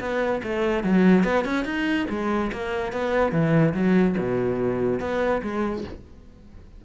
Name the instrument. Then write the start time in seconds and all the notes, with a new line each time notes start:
cello
0.00 B3
0.43 A3
0.84 F#3
1.24 B3
1.45 C#4
1.65 D#4
2.09 G#3
2.52 A#3
2.92 B3
3.32 E3
3.74 F#3
4.18 B2
5.00 B3
5.42 G#3